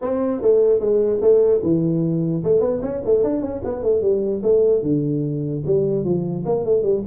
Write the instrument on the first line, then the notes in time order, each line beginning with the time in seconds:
tuba
0.01 C4
0.41 A3
0.80 G#3
1.21 A3
1.62 E3
2.43 A3
2.60 B3
2.82 C#4
3.05 A3
3.23 D4
3.41 C#4
3.64 B3
3.82 A3
4.01 G3
4.42 A3
4.82 D3
5.66 G3
6.04 F3
6.45 A#3
6.65 A3
6.82 G3